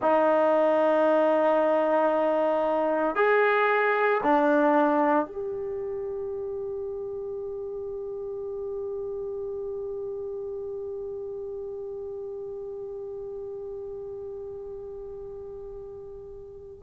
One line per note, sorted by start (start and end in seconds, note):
0.01 3.15 D#4
3.15 4.21 G#4
4.23 5.25 D4
5.25 16.83 G4